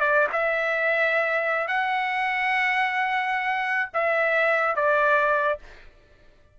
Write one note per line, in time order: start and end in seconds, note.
0.00 0.28 D5
0.33 1.67 E5
1.67 3.90 F#5
3.94 4.76 E5
4.76 5.59 D5